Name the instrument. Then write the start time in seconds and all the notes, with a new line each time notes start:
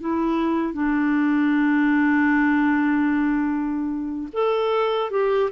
clarinet
0.00 E4
0.73 D4
4.33 A4
5.11 G4